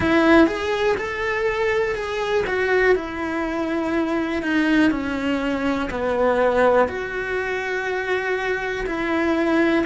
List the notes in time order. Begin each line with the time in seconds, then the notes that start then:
0.00 E4
0.46 G#4
0.97 A4
1.94 G#4
2.46 F#4
2.95 E4
4.42 D#4
4.90 C#4
5.90 B3
6.88 F#4
8.86 E4